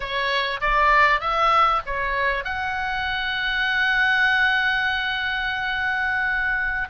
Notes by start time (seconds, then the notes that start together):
0.00 C#5
0.60 D5
1.20 E5
1.86 C#5
2.44 F#5